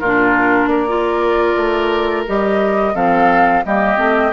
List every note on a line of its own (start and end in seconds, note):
0.00 0.67 A#2
0.00 0.70 F4
0.00 0.69 A#4
0.06 0.88 D4
0.67 1.53 A#3
0.67 2.95 A#4
0.67 2.24 D5
0.88 2.26 F4
1.57 2.26 A3
2.28 2.95 G3
2.28 2.95 G4
2.28 2.96 D#5
2.95 3.64 F3
2.95 3.64 C4
2.95 3.64 A4
2.95 3.65 F5
3.65 3.98 G3
3.65 3.97 A#3
3.65 4.33 G4
3.65 4.33 D#5
3.97 4.33 A3
3.97 4.32 C4